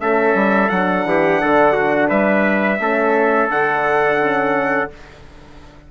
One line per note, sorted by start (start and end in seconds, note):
0.00 0.34 A3
0.00 0.70 C#4
0.00 1.07 A4
0.00 0.69 E5
0.34 0.69 G3
0.69 1.05 F#3
0.69 2.80 D4
0.69 2.08 F#5
1.05 1.40 E3
1.05 1.41 G4
1.41 2.10 D3
1.41 1.73 A4
1.73 2.08 F#4
2.08 2.79 G3
2.08 2.78 B4
2.08 3.49 E5
2.79 3.49 A3
2.79 3.50 C#4
2.79 4.91 A4
3.50 4.89 D3
3.50 4.19 D4
3.50 4.90 F#5
4.19 4.89 C#4